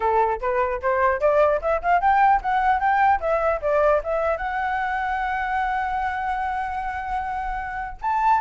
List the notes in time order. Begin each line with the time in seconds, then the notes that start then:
0.00 A4
0.40 B4
0.82 C5
1.20 D5
1.61 E5
1.81 F5
2.00 G5
2.41 F#5
2.79 G5
3.20 E5
3.61 D5
4.03 E5
4.37 F#5
8.01 A5